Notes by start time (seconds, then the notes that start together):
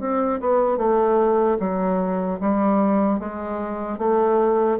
0.00 C4
0.40 B3
0.78 A3
1.60 F#3
2.40 G3
3.20 G#3
3.98 A3